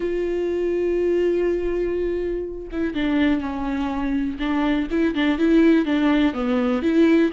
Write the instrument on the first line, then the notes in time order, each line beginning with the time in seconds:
viola
0.00 F4
2.71 E4
2.94 D4
3.41 C#4
4.39 D4
4.90 E4
5.14 D4
5.38 E4
5.85 D4
6.33 B3
6.82 E4